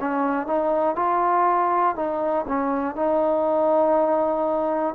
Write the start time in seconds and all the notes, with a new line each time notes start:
0.00 C#4
0.46 D#4
0.96 F4
1.95 D#4
2.48 C#4
2.95 D#4